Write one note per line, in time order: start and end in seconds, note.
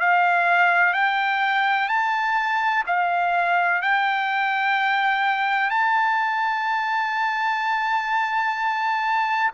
0.00 0.94 F5
0.94 1.89 G5
1.89 2.84 A5
2.87 3.82 F5
3.82 5.70 G5
5.70 9.51 A5